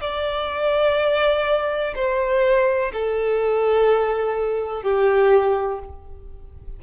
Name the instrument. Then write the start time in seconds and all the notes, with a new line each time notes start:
violin
0.00 D5
1.94 C5
2.93 A4
4.82 G4